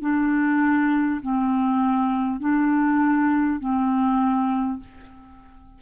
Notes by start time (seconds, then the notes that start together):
0.00 D4
1.21 C4
2.39 D4
3.59 C4